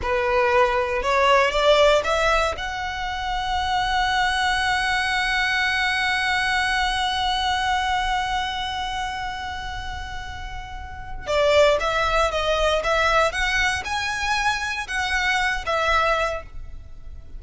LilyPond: \new Staff \with { instrumentName = "violin" } { \time 4/4 \tempo 4 = 117 b'2 cis''4 d''4 | e''4 fis''2.~ | fis''1~ | fis''1~ |
fis''1~ | fis''2 d''4 e''4 | dis''4 e''4 fis''4 gis''4~ | gis''4 fis''4. e''4. | }